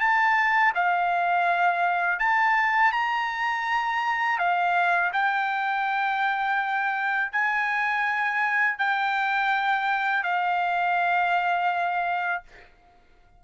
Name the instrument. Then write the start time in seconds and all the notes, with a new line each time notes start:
trumpet
0.00 A5
0.75 F5
2.19 A5
2.92 A#5
4.38 F5
5.13 G5
7.32 G#5
8.78 G5
10.23 F5